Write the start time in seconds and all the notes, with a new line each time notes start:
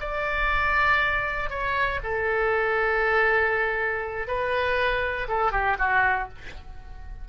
0.00 D5
1.50 C#5
2.03 A4
4.27 B4
5.28 A4
5.52 G4
5.78 F#4